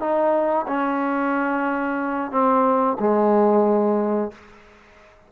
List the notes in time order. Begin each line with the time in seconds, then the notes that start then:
0.00 D#4
0.67 C#4
2.31 C4
3.00 G#3